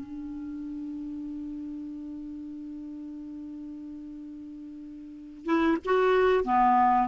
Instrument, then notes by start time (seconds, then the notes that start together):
clarinet
0.00 D4
5.46 E4
5.85 F#4
6.44 B3